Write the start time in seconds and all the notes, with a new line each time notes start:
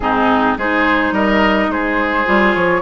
0.00 G#2 C4 D#4 G#4
0.57 G#3 D#4 G#4 C5
1.11 G3 A#4 D#5
1.68 G#3 G#4 C5
2.25 G3 F4
2.55 F3 C#5